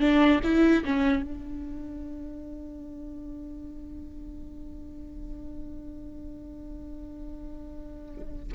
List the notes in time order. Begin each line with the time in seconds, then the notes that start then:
0.00 D4
0.44 E4
0.85 C#4
1.23 D4